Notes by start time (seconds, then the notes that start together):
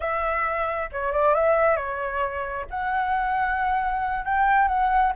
0.00 E5
0.92 C#5
1.12 D5
1.34 E5
1.76 C#5
2.70 F#5
4.24 G5
4.68 F#5